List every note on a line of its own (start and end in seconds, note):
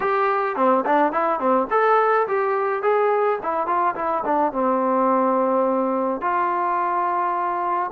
0.00 0.56 G4
0.56 0.84 C4
0.85 1.12 D4
1.12 1.39 E4
1.39 1.67 C4
1.70 2.27 A4
2.27 2.82 G4
2.82 3.39 G#4
3.42 3.66 E4
3.66 3.95 F4
3.95 4.23 E4
4.24 4.52 D4
4.52 6.21 C4
6.21 7.91 F4